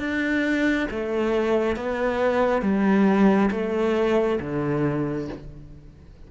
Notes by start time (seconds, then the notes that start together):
0.00 D4
0.91 A3
1.77 B3
2.62 G3
3.51 A3
4.41 D3